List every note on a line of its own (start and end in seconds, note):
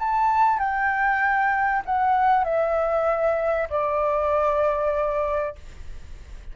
0.00 0.59 A5
0.59 1.83 G5
1.86 2.45 F#5
2.45 3.69 E5
3.70 5.56 D5